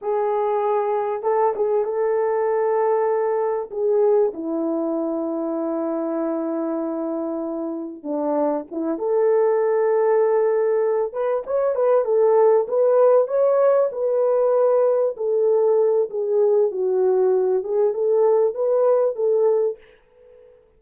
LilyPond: \new Staff \with { instrumentName = "horn" } { \time 4/4 \tempo 4 = 97 gis'2 a'8 gis'8 a'4~ | a'2 gis'4 e'4~ | e'1~ | e'4 d'4 e'8 a'4.~ |
a'2 b'8 cis''8 b'8 a'8~ | a'8 b'4 cis''4 b'4.~ | b'8 a'4. gis'4 fis'4~ | fis'8 gis'8 a'4 b'4 a'4 | }